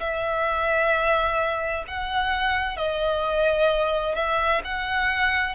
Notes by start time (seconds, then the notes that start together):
0.00 E5
1.88 F#5
2.77 D#5
4.15 E5
4.64 F#5